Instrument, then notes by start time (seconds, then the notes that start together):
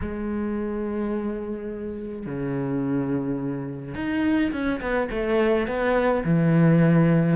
cello
0.01 G#3
2.25 C#3
3.94 D#4
4.52 C#4
4.81 B3
5.10 A3
5.67 B3
6.24 E3